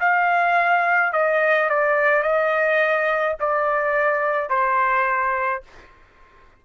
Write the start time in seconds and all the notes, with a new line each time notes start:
0.00 F5
1.13 D#5
1.69 D5
2.23 D#5
3.40 D5
4.49 C5